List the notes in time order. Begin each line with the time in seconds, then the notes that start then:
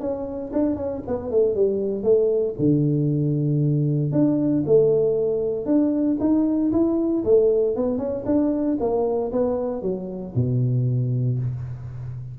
0.00 C#4
0.53 D4
0.76 C#4
1.07 B3
1.31 A3
1.55 G3
2.03 A3
2.59 D3
4.12 D4
4.66 A3
5.66 D4
6.20 D#4
6.72 E4
7.24 A3
7.76 B3
7.98 C#4
8.26 D4
8.80 A#3
9.32 B3
9.82 F#3
10.35 B2